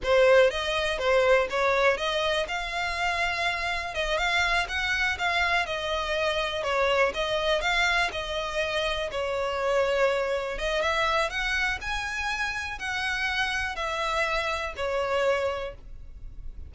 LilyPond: \new Staff \with { instrumentName = "violin" } { \time 4/4 \tempo 4 = 122 c''4 dis''4 c''4 cis''4 | dis''4 f''2. | dis''8 f''4 fis''4 f''4 dis''8~ | dis''4. cis''4 dis''4 f''8~ |
f''8 dis''2 cis''4.~ | cis''4. dis''8 e''4 fis''4 | gis''2 fis''2 | e''2 cis''2 | }